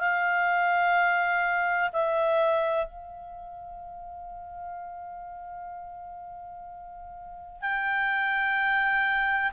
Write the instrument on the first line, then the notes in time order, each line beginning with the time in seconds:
clarinet
0.00 F5
1.93 E5
2.87 F5
7.62 G5